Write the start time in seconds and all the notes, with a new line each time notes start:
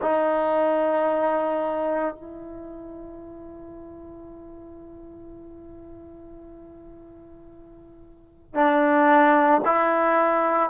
0.01 D#4
2.15 E4
8.54 D4
9.65 E4